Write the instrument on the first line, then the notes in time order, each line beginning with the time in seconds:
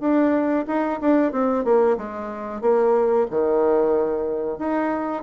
bassoon
0.00 D4
0.67 D#4
1.01 D4
1.32 C4
1.64 A#3
1.97 G#3
2.61 A#3
3.31 D#3
4.59 D#4